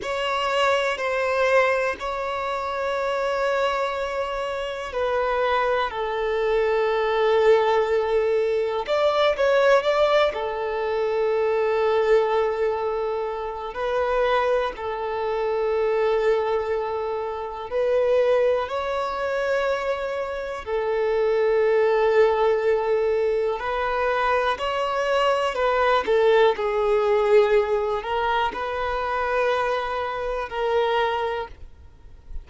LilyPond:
\new Staff \with { instrumentName = "violin" } { \time 4/4 \tempo 4 = 61 cis''4 c''4 cis''2~ | cis''4 b'4 a'2~ | a'4 d''8 cis''8 d''8 a'4.~ | a'2 b'4 a'4~ |
a'2 b'4 cis''4~ | cis''4 a'2. | b'4 cis''4 b'8 a'8 gis'4~ | gis'8 ais'8 b'2 ais'4 | }